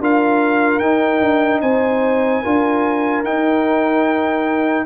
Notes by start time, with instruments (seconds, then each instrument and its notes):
0.00 tuba D4, trombone F4, horn A#4, trumpet F5
0.79 tuba D#4, trombone D#4, trumpet G5
1.21 tuba D4
1.62 tuba C4, horn C5, trumpet G#5
2.42 tuba D4, trombone F4, horn A#4
3.23 tuba D#4, trombone D#4, trumpet G5